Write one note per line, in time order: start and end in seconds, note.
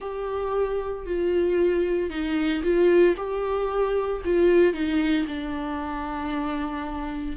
0.00 1.05 G4
1.06 2.10 F4
2.10 2.62 D#4
2.63 3.15 F4
3.16 4.22 G4
4.24 4.73 F4
4.73 5.26 D#4
5.27 7.36 D4